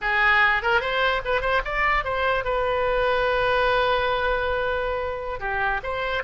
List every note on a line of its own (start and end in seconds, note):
0.01 0.62 G#4
0.62 0.81 A#4
0.81 1.21 C5
1.24 1.41 B4
1.41 1.61 C5
1.65 2.04 D5
2.04 2.44 C5
2.44 5.40 B4
5.40 5.81 G4
5.83 6.23 C5